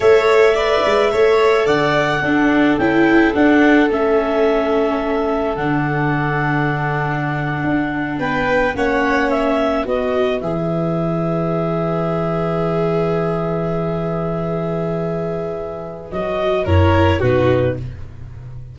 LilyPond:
<<
  \new Staff \with { instrumentName = "clarinet" } { \time 4/4 \tempo 4 = 108 e''2. fis''4~ | fis''4 g''4 fis''4 e''4~ | e''2 fis''2~ | fis''2~ fis''8. g''4 fis''16~ |
fis''8. e''4 dis''4 e''4~ e''16~ | e''1~ | e''1~ | e''4 dis''4 cis''4 b'4 | }
  \new Staff \with { instrumentName = "violin" } { \time 4/4 cis''4 d''4 cis''4 d''4 | a'1~ | a'1~ | a'2~ a'8. b'4 cis''16~ |
cis''4.~ cis''16 b'2~ b'16~ | b'1~ | b'1~ | b'2 ais'4 fis'4 | }
  \new Staff \with { instrumentName = "viola" } { \time 4/4 a'4 b'4 a'2 | d'4 e'4 d'4 cis'4~ | cis'2 d'2~ | d'2.~ d'8. cis'16~ |
cis'4.~ cis'16 fis'4 gis'4~ gis'16~ | gis'1~ | gis'1~ | gis'4 fis'4 e'4 dis'4 | }
  \new Staff \with { instrumentName = "tuba" } { \time 4/4 a4. gis8 a4 d4 | d'4 cis'4 d'4 a4~ | a2 d2~ | d4.~ d16 d'4 b4 ais16~ |
ais4.~ ais16 b4 e4~ e16~ | e1~ | e1~ | e4 fis4 fis,4 b,4 | }
>>